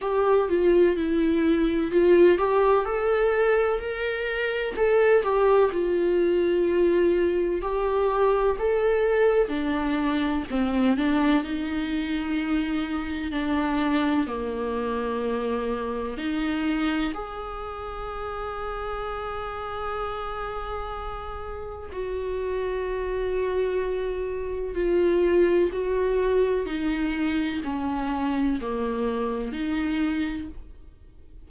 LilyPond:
\new Staff \with { instrumentName = "viola" } { \time 4/4 \tempo 4 = 63 g'8 f'8 e'4 f'8 g'8 a'4 | ais'4 a'8 g'8 f'2 | g'4 a'4 d'4 c'8 d'8 | dis'2 d'4 ais4~ |
ais4 dis'4 gis'2~ | gis'2. fis'4~ | fis'2 f'4 fis'4 | dis'4 cis'4 ais4 dis'4 | }